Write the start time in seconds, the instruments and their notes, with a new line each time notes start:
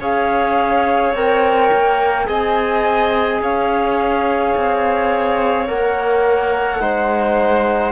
0.00 cello C#4, trombone G#4, violin C#5, flute F5
1.14 cello C4, trombone A#4, flute G5
1.72 cello A#3
2.27 cello C4, trombone G#4, violin D#5, flute G#5
3.42 cello C#4, violin C#5, flute F5
4.57 cello C4
5.68 cello A#3, trombone A#4, flute F#5
6.80 cello G#3, trombone D#4, violin C5